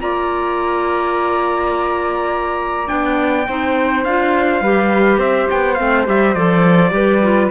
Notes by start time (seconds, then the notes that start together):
0.00 A#3 F4 D5 A#5
2.87 B3 D4 G5
3.48 C4 D#4 C5
4.04 D4 F4 F5
4.61 G3 G4 B4
5.18 C4 C5 E5
5.50 B3 G5
5.74 A3 C4 F5
6.06 G3 G4 E5
6.34 F3 A4 D5
6.91 G3 G4 B4
7.22 F4